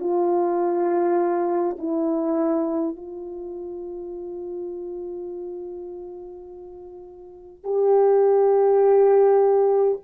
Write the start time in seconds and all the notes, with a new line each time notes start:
0.00 F4
1.78 E4
2.96 F4
7.64 G4